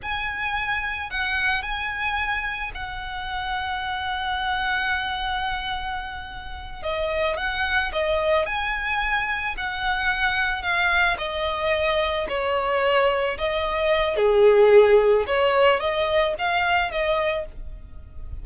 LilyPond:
\new Staff \with { instrumentName = "violin" } { \time 4/4 \tempo 4 = 110 gis''2 fis''4 gis''4~ | gis''4 fis''2.~ | fis''1~ | fis''8 dis''4 fis''4 dis''4 gis''8~ |
gis''4. fis''2 f''8~ | f''8 dis''2 cis''4.~ | cis''8 dis''4. gis'2 | cis''4 dis''4 f''4 dis''4 | }